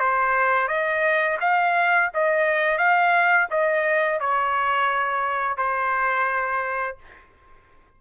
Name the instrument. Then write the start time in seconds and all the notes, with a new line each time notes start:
trumpet
0.00 C5
0.68 D#5
1.41 F5
2.14 D#5
2.78 F5
3.51 D#5
4.21 C#5
5.58 C5